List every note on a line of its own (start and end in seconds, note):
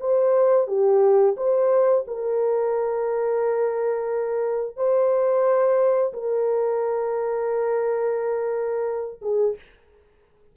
0.00 0.67 C5
0.67 1.35 G4
1.37 2.05 C5
2.07 4.77 A#4
4.77 6.13 C5
6.13 9.20 A#4
9.22 9.56 G#4